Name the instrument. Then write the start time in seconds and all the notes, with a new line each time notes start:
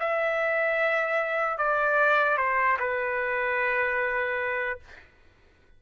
trumpet
0.00 E5
1.58 D5
2.37 C5
2.80 B4